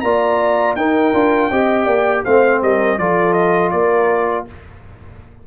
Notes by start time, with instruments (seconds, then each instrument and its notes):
0.00 tuba A#3, trombone F4, horn D5, trumpet A#5
0.75 tuba D#4, trombone D#4, horn A#4, trumpet G5
1.13 tuba D4, trombone F4
1.50 tuba C4, trombone G4, horn D#5
1.85 tuba A#3, horn D5
2.24 tuba A3, trombone C4, horn C5, trumpet F5
2.62 tuba G3, horn A#4, trumpet D#5
2.98 tuba F3, trombone F4, horn A4, trumpet D5
3.33 trumpet D#5
3.70 tuba A#3, horn A#4, trumpet D5